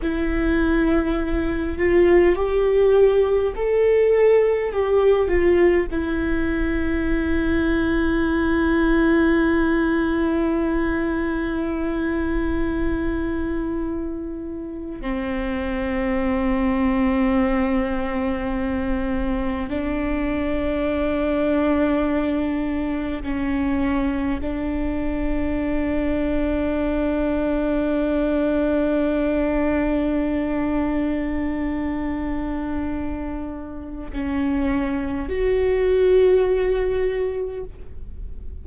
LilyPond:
\new Staff \with { instrumentName = "viola" } { \time 4/4 \tempo 4 = 51 e'4. f'8 g'4 a'4 | g'8 f'8 e'2.~ | e'1~ | e'8. c'2.~ c'16~ |
c'8. d'2. cis'16~ | cis'8. d'2.~ d'16~ | d'1~ | d'4 cis'4 fis'2 | }